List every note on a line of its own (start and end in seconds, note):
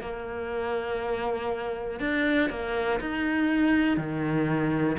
0.00 1.99 A#3
1.99 2.49 D4
2.50 3.00 A#3
3.00 3.97 D#4
3.97 4.97 D#3